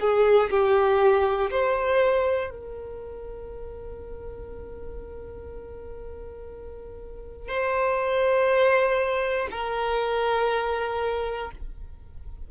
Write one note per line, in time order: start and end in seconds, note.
0.00 0.50 G#4
0.50 1.50 G4
1.50 2.50 C5
2.50 7.48 A#4
7.48 9.48 C5
9.51 11.51 A#4